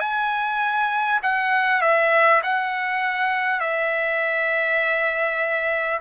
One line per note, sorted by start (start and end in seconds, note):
0.00 1.20 G#5
1.23 1.82 F#5
1.82 2.42 E5
2.43 3.61 F#5
3.61 6.01 E5